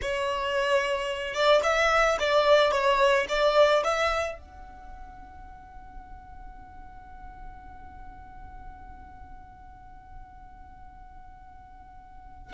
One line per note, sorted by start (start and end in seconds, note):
0.01 1.34 C#5
1.34 1.61 D5
1.63 2.17 E5
2.19 2.71 D5
2.71 3.26 C#5
3.29 3.83 D5
3.84 4.38 E5
4.38 12.53 F#5